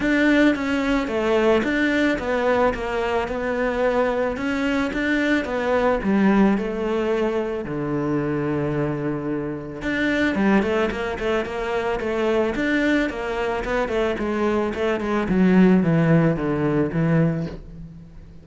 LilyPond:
\new Staff \with { instrumentName = "cello" } { \time 4/4 \tempo 4 = 110 d'4 cis'4 a4 d'4 | b4 ais4 b2 | cis'4 d'4 b4 g4 | a2 d2~ |
d2 d'4 g8 a8 | ais8 a8 ais4 a4 d'4 | ais4 b8 a8 gis4 a8 gis8 | fis4 e4 d4 e4 | }